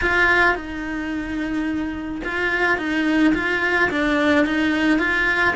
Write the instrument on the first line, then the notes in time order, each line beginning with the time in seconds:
cello
0.01 F4
0.55 D#4
2.24 F4
2.78 D#4
3.34 F4
3.90 D4
4.45 D#4
4.98 F4